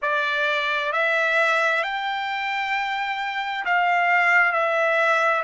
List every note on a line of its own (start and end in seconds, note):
0.02 0.92 D5
0.92 1.83 E5
1.83 3.64 G5
3.65 4.52 F5
4.52 5.43 E5